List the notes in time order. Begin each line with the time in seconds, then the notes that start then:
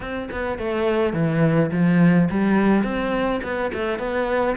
0.00 C4
0.31 B3
0.58 A3
1.13 E3
1.71 F3
2.30 G3
2.83 C4
3.43 B3
3.73 A3
3.98 B3